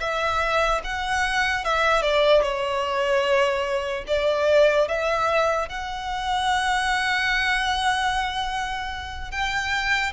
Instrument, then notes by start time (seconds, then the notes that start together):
violin
0.00 E5
0.84 F#5
1.64 E5
2.02 D5
2.42 C#5
4.07 D5
4.88 E5
5.69 F#5
9.31 G5